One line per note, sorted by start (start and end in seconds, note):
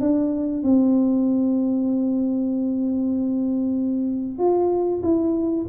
0.00 0.63 D4
0.63 4.38 C4
4.38 5.02 F4
5.03 5.66 E4